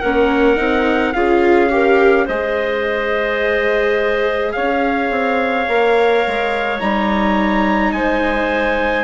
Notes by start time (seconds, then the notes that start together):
0.00 A#3 C#4 A#4 F#5
0.57 C4 D#4
1.13 C#4 F4 G#4 F5
1.70 G4 A#4
2.25 G#3 G#4 C5 D#5
4.53 C#4 C#5 F5
5.11 C4
5.68 A#3 A#4
6.27 G#3
6.80 G3 D#4 A#5
7.93 G#3 C5 G#5